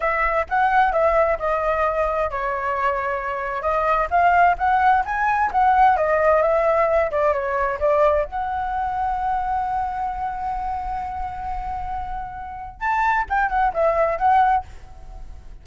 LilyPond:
\new Staff \with { instrumentName = "flute" } { \time 4/4 \tempo 4 = 131 e''4 fis''4 e''4 dis''4~ | dis''4 cis''2. | dis''4 f''4 fis''4 gis''4 | fis''4 dis''4 e''4. d''8 |
cis''4 d''4 fis''2~ | fis''1~ | fis''1 | a''4 g''8 fis''8 e''4 fis''4 | }